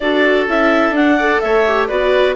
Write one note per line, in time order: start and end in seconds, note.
0.00 0.47 D4
0.00 0.48 F#4
0.00 1.17 A4
0.00 0.47 D5
0.47 0.90 C#4
0.47 0.95 E4
0.47 0.95 E5
0.90 1.37 D4
0.90 1.18 D4
0.90 1.40 F#5
1.17 1.66 A4
1.17 1.40 D5
1.40 1.90 A3
1.40 1.88 C#5
1.40 1.87 E5
1.67 1.88 G4
1.87 2.35 B3
1.87 2.35 F#4
1.87 2.35 B4
1.87 2.35 D5